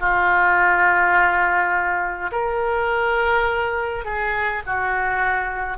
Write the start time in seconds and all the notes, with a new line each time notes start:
0.00 F4
2.31 A#4
4.05 G#4
4.66 F#4